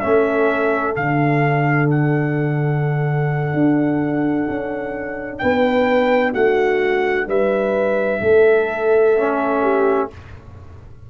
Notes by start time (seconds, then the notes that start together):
0.00 A3 C#4 A4 E5
0.95 D3 D4 F5
1.90 F#5
3.54 D4
4.48 C#4
5.38 B3 B4 G5
6.33 A3 F#4 F#5
7.27 G3 B4 E5
8.21 A3 A4
9.17 C#4
9.62 G4